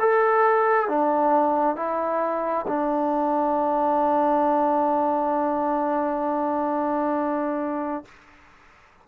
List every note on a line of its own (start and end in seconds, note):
0.00 0.88 A4
0.88 1.76 D4
1.76 2.66 E4
2.67 8.05 D4